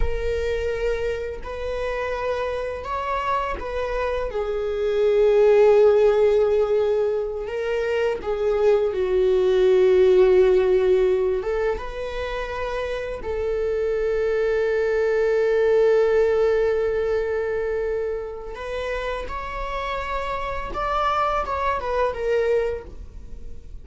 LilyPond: \new Staff \with { instrumentName = "viola" } { \time 4/4 \tempo 4 = 84 ais'2 b'2 | cis''4 b'4 gis'2~ | gis'2~ gis'8 ais'4 gis'8~ | gis'8 fis'2.~ fis'8 |
a'8 b'2 a'4.~ | a'1~ | a'2 b'4 cis''4~ | cis''4 d''4 cis''8 b'8 ais'4 | }